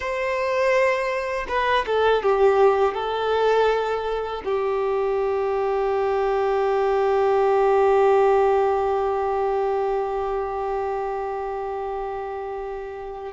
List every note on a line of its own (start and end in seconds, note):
0.00 1.46 C5
1.48 1.85 B4
1.86 2.22 A4
2.22 2.94 G4
2.94 4.42 A4
4.44 13.33 G4